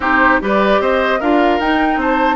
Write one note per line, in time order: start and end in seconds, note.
0.00 0.40 C4
0.00 0.40 D#4
0.00 0.39 G4
0.00 0.42 C5
0.40 0.80 G3
0.40 1.20 G4
0.40 0.81 B4
0.40 0.82 D5
0.80 1.20 C4
0.80 1.19 C5
0.80 1.21 D#5
1.19 1.60 D4
1.19 1.60 F4
1.19 1.99 A#4
1.19 1.60 F5
1.60 1.97 D#4
1.60 2.35 D#4
1.60 2.00 G5
1.97 2.35 C4
1.97 2.35 C5
1.97 2.35 A5